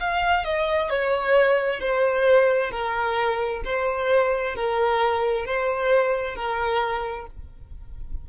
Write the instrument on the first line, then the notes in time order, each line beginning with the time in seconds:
violin
0.00 F5
0.45 D#5
0.90 C#5
1.81 C5
2.71 A#4
3.65 C5
4.56 A#4
5.46 C5
6.36 A#4